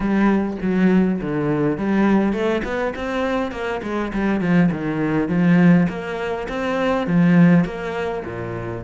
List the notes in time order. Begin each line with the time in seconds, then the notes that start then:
0.00 G3
0.61 F#3
1.21 D3
1.77 G3
2.32 A3
2.64 B3
2.95 C4
3.51 A#3
3.82 G#3
4.13 G3
4.40 F3
4.71 D#3
5.28 F3
5.88 A#3
6.48 C4
7.06 F3
7.64 A#3
8.25 A#2